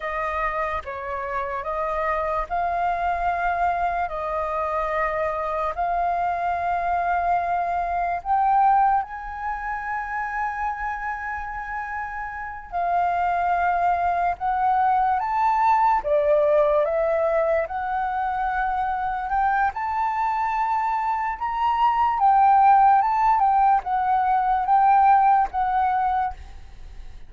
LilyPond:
\new Staff \with { instrumentName = "flute" } { \time 4/4 \tempo 4 = 73 dis''4 cis''4 dis''4 f''4~ | f''4 dis''2 f''4~ | f''2 g''4 gis''4~ | gis''2.~ gis''8 f''8~ |
f''4. fis''4 a''4 d''8~ | d''8 e''4 fis''2 g''8 | a''2 ais''4 g''4 | a''8 g''8 fis''4 g''4 fis''4 | }